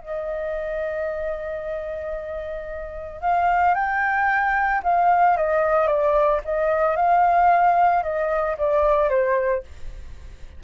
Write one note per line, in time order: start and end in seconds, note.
0.00 3.21 D#5
3.21 3.75 F5
3.75 4.82 G5
4.84 5.37 F5
5.37 5.87 D#5
5.87 6.41 D5
6.45 6.97 D#5
6.97 8.03 F5
8.03 8.57 D#5
8.58 9.10 D5
9.10 9.63 C5